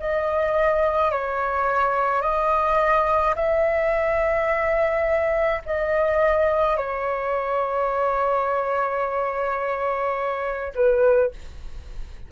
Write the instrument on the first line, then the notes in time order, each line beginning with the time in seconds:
flute
0.00 D#5
1.12 C#5
2.22 D#5
3.36 E5
5.66 D#5
6.77 C#5
10.75 B4